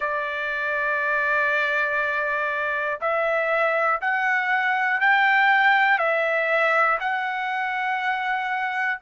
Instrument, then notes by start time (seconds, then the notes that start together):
trumpet
0.00 D5
3.00 E5
4.01 F#5
5.00 G5
5.98 E5
7.00 F#5